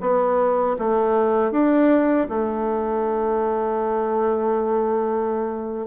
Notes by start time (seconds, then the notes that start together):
0.00 B3
0.78 A3
1.51 D4
2.29 A3